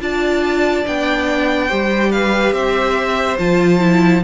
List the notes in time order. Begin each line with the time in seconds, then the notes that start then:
0.00 D4 F4 D5 A5
0.86 B3 D4 G5
1.68 G3 G4 C5
2.12 B4 F5
2.53 C4 C5 E5
3.39 F3 F4 A5
3.80 E4